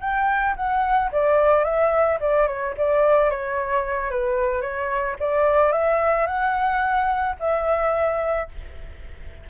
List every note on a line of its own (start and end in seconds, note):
0.00 0.55 G5
0.56 1.10 F#5
1.11 1.64 D5
1.64 2.18 E5
2.20 2.47 D5
2.47 2.74 C#5
2.77 3.30 D5
3.30 4.10 C#5
4.10 4.61 B4
4.61 5.16 C#5
5.19 5.72 D5
5.72 6.26 E5
6.26 7.35 F#5
7.39 8.48 E5